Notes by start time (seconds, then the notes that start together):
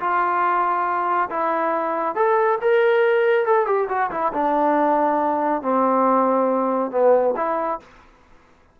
0.00 F4
1.30 E4
2.16 A4
2.62 A#4
3.46 A4
3.67 G4
3.89 F#4
4.11 E4
4.33 D4
5.62 C4
6.92 B3
7.37 E4